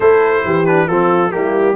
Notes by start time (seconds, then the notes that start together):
0.00 A3 E4 A4 C5
0.44 E3 G4
0.65 D4 B4
0.87 F3 C4 F4 A4
1.30 G3 A#3 E4 G4